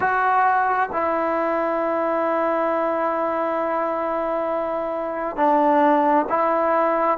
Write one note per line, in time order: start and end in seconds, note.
0.00 0.90 F#4
0.92 5.36 E4
5.36 6.25 D4
6.29 7.18 E4